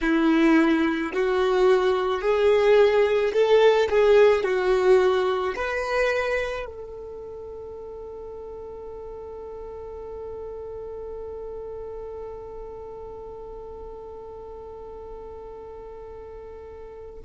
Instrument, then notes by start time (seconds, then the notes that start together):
violin
0.01 E4
1.13 F#4
2.21 G#4
3.33 A4
3.89 G#4
4.43 F#4
5.55 B4
6.65 A4